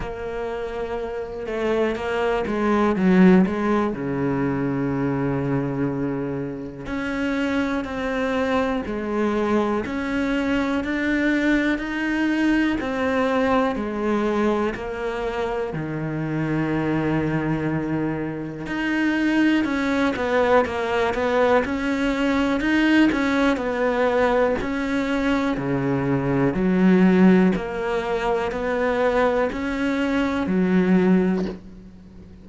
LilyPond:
\new Staff \with { instrumentName = "cello" } { \time 4/4 \tempo 4 = 61 ais4. a8 ais8 gis8 fis8 gis8 | cis2. cis'4 | c'4 gis4 cis'4 d'4 | dis'4 c'4 gis4 ais4 |
dis2. dis'4 | cis'8 b8 ais8 b8 cis'4 dis'8 cis'8 | b4 cis'4 cis4 fis4 | ais4 b4 cis'4 fis4 | }